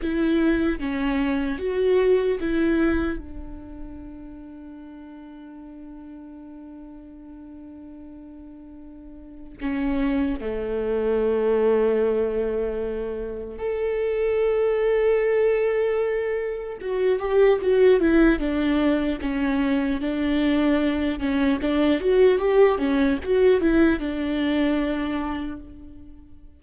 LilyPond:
\new Staff \with { instrumentName = "viola" } { \time 4/4 \tempo 4 = 75 e'4 cis'4 fis'4 e'4 | d'1~ | d'1 | cis'4 a2.~ |
a4 a'2.~ | a'4 fis'8 g'8 fis'8 e'8 d'4 | cis'4 d'4. cis'8 d'8 fis'8 | g'8 cis'8 fis'8 e'8 d'2 | }